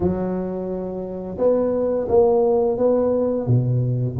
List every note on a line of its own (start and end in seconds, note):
0.00 1.37 F#3
1.38 2.07 B3
2.08 2.77 A#3
2.77 3.46 B3
3.46 4.16 B2